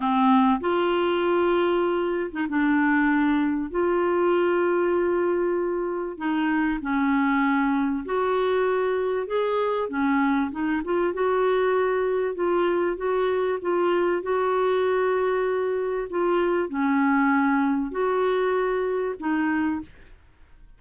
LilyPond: \new Staff \with { instrumentName = "clarinet" } { \time 4/4 \tempo 4 = 97 c'4 f'2~ f'8. dis'16 | d'2 f'2~ | f'2 dis'4 cis'4~ | cis'4 fis'2 gis'4 |
cis'4 dis'8 f'8 fis'2 | f'4 fis'4 f'4 fis'4~ | fis'2 f'4 cis'4~ | cis'4 fis'2 dis'4 | }